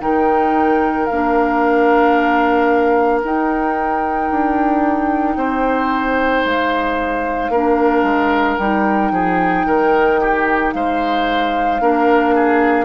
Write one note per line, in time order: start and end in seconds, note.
0.00 1.08 D#3
0.00 1.08 D#4
0.00 5.37 A#4
0.00 1.06 G5
1.06 3.23 A#3
1.06 3.20 F5
1.12 3.22 D4
3.22 7.51 D#4
3.22 4.31 D#4
3.22 6.45 G5
4.31 5.36 D4
5.36 6.43 C4
5.36 7.51 C5
6.44 7.49 G#3
6.44 8.57 F5
7.49 8.03 A#3
7.49 8.59 D4
7.49 9.12 A#4
8.03 8.56 G#3
8.57 9.11 G3
8.57 11.81 D#4
8.57 10.71 G5
9.11 9.65 F3
9.11 9.66 G#4
9.66 10.73 D#3
9.66 10.20 A#4
10.20 10.74 G4
10.72 11.80 G#3
10.72 11.81 C5
10.72 12.85 F5
11.80 12.85 A#3
11.80 12.85 D4
11.80 12.35 A#4
12.35 12.85 G#4